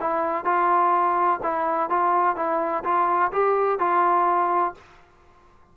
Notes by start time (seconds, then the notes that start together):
0.00 E4
0.45 F4
1.42 E4
1.89 F4
2.36 E4
2.84 F4
3.32 G4
3.79 F4